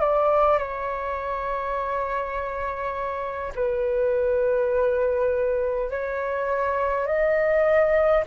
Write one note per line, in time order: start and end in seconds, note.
0.00 0.58 D5
0.58 3.52 C#5
3.56 5.90 B4
5.90 7.06 C#5
7.06 8.24 D#5